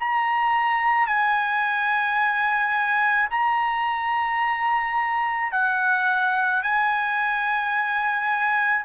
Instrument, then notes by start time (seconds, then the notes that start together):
trumpet
0.00 A#5
1.07 G#5
3.30 A#5
5.52 F#5
6.63 G#5